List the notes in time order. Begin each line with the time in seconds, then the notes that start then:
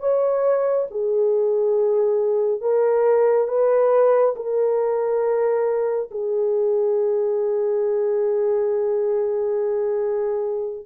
0.00 C#5
0.91 G#4
2.61 A#4
3.48 B4
4.36 A#4
6.11 G#4